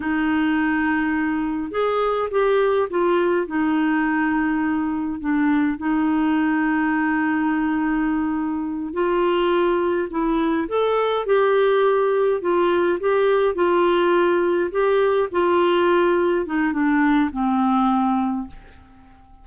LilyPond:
\new Staff \with { instrumentName = "clarinet" } { \time 4/4 \tempo 4 = 104 dis'2. gis'4 | g'4 f'4 dis'2~ | dis'4 d'4 dis'2~ | dis'2.~ dis'8 f'8~ |
f'4. e'4 a'4 g'8~ | g'4. f'4 g'4 f'8~ | f'4. g'4 f'4.~ | f'8 dis'8 d'4 c'2 | }